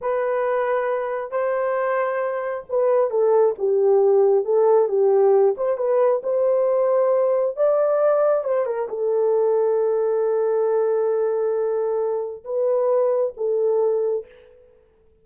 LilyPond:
\new Staff \with { instrumentName = "horn" } { \time 4/4 \tempo 4 = 135 b'2. c''4~ | c''2 b'4 a'4 | g'2 a'4 g'4~ | g'8 c''8 b'4 c''2~ |
c''4 d''2 c''8 ais'8 | a'1~ | a'1 | b'2 a'2 | }